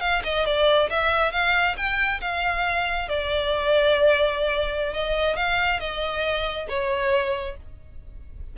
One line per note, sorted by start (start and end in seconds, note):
0.00 0.22 F5
0.23 0.45 D#5
0.45 0.89 D5
0.89 1.32 E5
1.32 1.75 F5
1.76 2.20 G5
2.20 3.08 F5
3.08 4.93 D5
4.93 5.36 D#5
5.36 5.79 F5
5.79 6.67 D#5
6.68 7.56 C#5